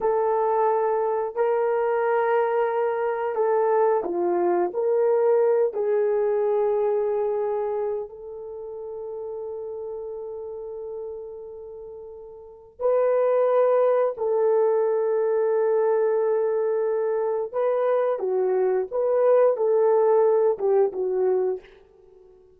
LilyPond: \new Staff \with { instrumentName = "horn" } { \time 4/4 \tempo 4 = 89 a'2 ais'2~ | ais'4 a'4 f'4 ais'4~ | ais'8 gis'2.~ gis'8 | a'1~ |
a'2. b'4~ | b'4 a'2.~ | a'2 b'4 fis'4 | b'4 a'4. g'8 fis'4 | }